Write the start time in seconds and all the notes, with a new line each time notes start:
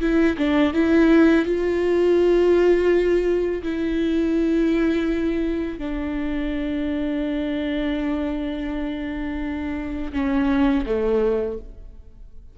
0.00 E4
0.37 D4
0.73 E4
1.45 F4
3.62 E4
5.78 D4
10.12 C#4
10.85 A3